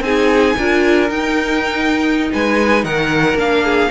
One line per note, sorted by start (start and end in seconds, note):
0.00 0.54 C4
0.00 0.57 D#4
0.00 0.57 G#4
0.00 1.09 G#5
0.57 1.10 D4
0.57 1.09 F4
0.57 2.31 A#4
1.09 3.36 D#4
1.09 2.31 D#4
1.09 2.30 G5
2.32 2.84 G#3
2.32 2.85 B4
2.32 2.84 G#5
2.84 3.34 D#3
2.84 3.64 A#4
2.84 3.37 F#5
3.34 3.88 A#3
3.34 3.90 D4
3.34 3.91 F5
3.64 3.91 G#4